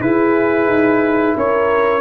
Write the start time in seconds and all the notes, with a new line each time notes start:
0.00 E4 G#4 B4
0.67 D#4
1.37 C#4 A#4 C#5